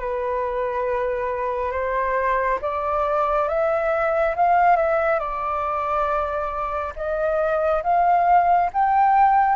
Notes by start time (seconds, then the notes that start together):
0.00 B4
1.72 C5
2.61 D5
3.48 E5
4.36 F5
4.76 E5
5.19 D5
6.96 D#5
7.83 F5
8.73 G5